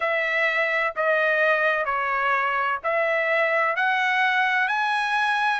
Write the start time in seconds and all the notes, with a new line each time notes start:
0.00 E5
0.96 D#5
1.85 C#5
2.83 E5
3.75 F#5
4.67 G#5